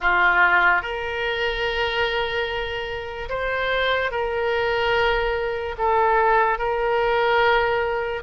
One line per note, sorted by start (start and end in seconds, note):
0.00 0.82 F4
0.82 3.28 A#4
3.29 4.11 C5
4.11 5.75 A#4
5.78 6.58 A4
6.58 8.22 A#4